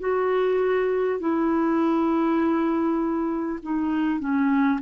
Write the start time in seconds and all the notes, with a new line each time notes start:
0.00 F#4
1.19 E4
3.63 D#4
4.20 C#4